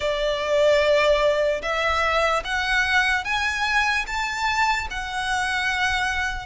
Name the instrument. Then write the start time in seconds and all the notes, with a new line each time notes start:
violin
0.00 D5
1.62 E5
2.44 F#5
3.24 G#5
4.06 A5
4.90 F#5